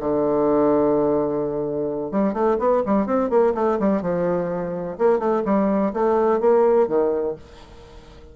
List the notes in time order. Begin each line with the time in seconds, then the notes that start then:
0.00 D3
2.12 G3
2.34 A3
2.59 B3
2.86 G3
3.07 C4
3.30 A#3
3.55 A3
3.80 G3
4.02 F3
4.99 A#3
5.19 A3
5.45 G3
5.94 A3
6.40 A#3
6.88 D#3